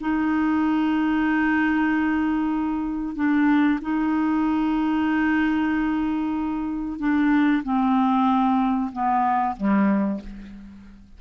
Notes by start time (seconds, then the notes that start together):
0.00 D#4
3.15 D4
3.82 D#4
6.99 D4
7.63 C4
8.92 B3
9.57 G3